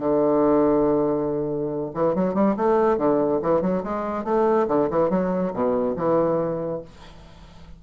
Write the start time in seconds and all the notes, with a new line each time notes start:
0.00 D3
1.95 E3
2.15 F#3
2.35 G3
2.57 A3
2.98 D3
3.43 E3
3.62 F#3
3.84 G#3
4.25 A3
4.68 D3
4.91 E3
5.10 F#3
5.54 B2
5.97 E3